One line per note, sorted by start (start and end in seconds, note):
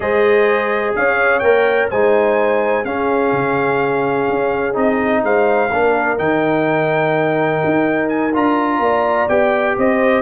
0.00 0.93 G#3
0.00 1.42 G#4
0.00 0.96 C5
0.00 0.94 D#5
0.95 1.41 C#4
0.95 1.90 C#5
0.95 1.39 F5
1.39 1.89 A#3
1.39 1.91 A#4
1.39 1.86 G5
1.90 2.84 G#3
1.90 2.84 D#4
1.90 2.85 C5
1.90 2.85 G#5
2.84 3.32 C#4
2.84 4.73 C#4
2.84 5.23 G#4
2.84 4.75 F5
3.32 4.27 C#3
4.29 4.75 C#4
4.73 5.23 C4
4.73 5.69 D#4
4.73 5.23 D#5
5.23 5.70 G#3
5.23 5.70 C5
5.23 6.18 F5
5.71 6.18 A#3
5.71 6.17 D4
5.71 8.80 A#4
6.17 7.61 D#3
6.17 8.31 D#4
6.17 8.08 G5
7.64 8.35 D#4
8.08 8.32 G#5
8.33 8.79 D4
8.33 9.28 F4
8.33 9.29 A#5
8.79 9.26 A#3
8.79 9.77 D5
9.28 9.76 B3
9.28 10.22 G4
9.28 9.76 G5
9.77 10.22 C4
9.77 10.22 C5
9.77 10.22 D#5